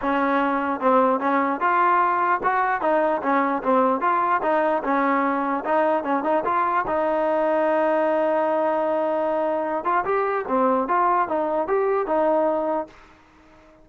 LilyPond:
\new Staff \with { instrumentName = "trombone" } { \time 4/4 \tempo 4 = 149 cis'2 c'4 cis'4 | f'2 fis'4 dis'4 | cis'4 c'4 f'4 dis'4 | cis'2 dis'4 cis'8 dis'8 |
f'4 dis'2.~ | dis'1~ | dis'8 f'8 g'4 c'4 f'4 | dis'4 g'4 dis'2 | }